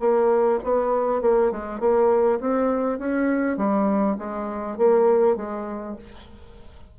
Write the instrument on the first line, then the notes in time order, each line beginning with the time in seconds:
bassoon
0.00 A#3
0.64 B3
1.22 A#3
1.52 G#3
1.80 A#3
2.41 C4
2.99 C#4
3.58 G3
4.19 G#3
4.78 A#3
5.37 G#3